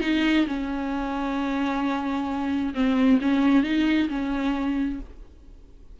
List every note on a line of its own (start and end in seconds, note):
0.00 0.45 D#4
0.46 2.74 C#4
2.74 3.19 C4
3.21 3.63 C#4
3.63 4.08 D#4
4.08 4.99 C#4